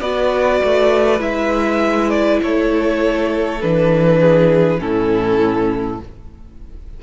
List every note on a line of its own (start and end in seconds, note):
0.00 0.60 B3
0.00 1.19 F#4
0.00 2.41 B4
0.00 1.20 D5
0.63 1.20 A3
1.19 2.40 G#3
1.19 3.58 E4
1.19 2.10 E5
2.10 2.40 D5
2.42 3.62 A3
2.42 4.20 A4
2.42 3.61 C#5
3.61 4.79 E3
3.61 4.78 D4
3.61 4.80 B4
4.20 4.79 G#4
4.78 5.99 A2
4.78 5.98 C#4
4.78 6.02 E4
4.78 6.00 A4